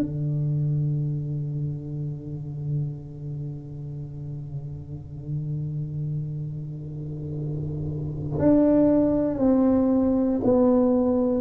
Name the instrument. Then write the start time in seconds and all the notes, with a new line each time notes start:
tuba
0.00 D3
8.39 D4
9.37 C4
10.43 B3